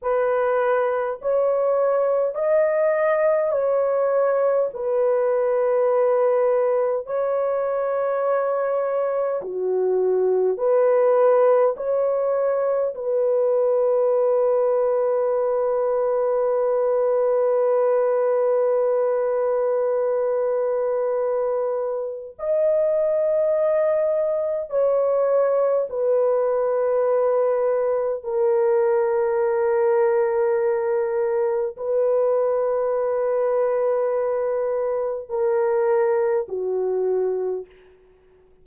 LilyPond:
\new Staff \with { instrumentName = "horn" } { \time 4/4 \tempo 4 = 51 b'4 cis''4 dis''4 cis''4 | b'2 cis''2 | fis'4 b'4 cis''4 b'4~ | b'1~ |
b'2. dis''4~ | dis''4 cis''4 b'2 | ais'2. b'4~ | b'2 ais'4 fis'4 | }